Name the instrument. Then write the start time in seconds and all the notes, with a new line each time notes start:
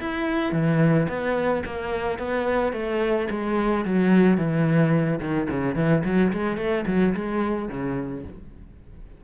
cello
0.00 E4
0.52 E3
1.09 B3
1.65 A#3
2.18 B3
2.73 A3
3.30 G#3
3.85 F#3
4.37 E3
5.20 D#3
5.50 C#3
5.75 E3
6.05 F#3
6.33 G#3
6.58 A3
6.87 F#3
7.15 G#3
7.69 C#3